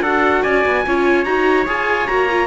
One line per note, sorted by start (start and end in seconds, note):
0.00 0.41 D4
0.00 0.86 F#4
0.00 0.42 A4
0.00 0.43 F#5
0.42 0.65 C#4
0.42 0.83 D5
0.42 1.24 G#5
0.65 0.86 B3
0.86 1.25 C#4
0.86 1.25 F4
0.86 2.46 C#5
1.24 1.66 D#4
1.24 1.66 F#4
1.24 1.65 A#5
1.66 2.08 F4
1.66 2.07 G#4
1.66 2.07 G#5
2.07 2.46 A#3
2.07 2.27 F#4
2.07 2.46 A#5
2.30 2.46 F4